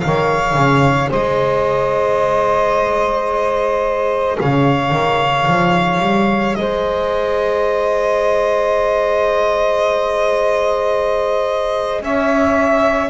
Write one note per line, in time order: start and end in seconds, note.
0.00 0.55 D#3
0.00 13.10 G#4
0.00 1.09 F5
0.07 1.10 C#5
0.55 1.09 C#3
1.10 4.39 G#3
1.10 4.37 C5
1.10 4.40 D#5
4.40 4.92 C#3
4.40 6.58 C#5
4.40 6.56 F5
4.92 5.46 D#3
5.47 6.00 F3
6.00 6.55 G3
6.56 12.01 G#3
6.56 12.03 C5
6.56 12.01 D#5
12.01 13.10 C#4
12.01 13.10 C#5
12.01 13.10 E5